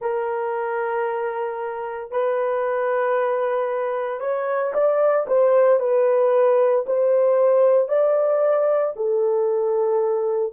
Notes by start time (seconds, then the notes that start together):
0.01 A#4
2.11 B4
4.20 C#5
4.73 D5
5.27 C5
5.79 B4
6.86 C5
7.88 D5
8.96 A4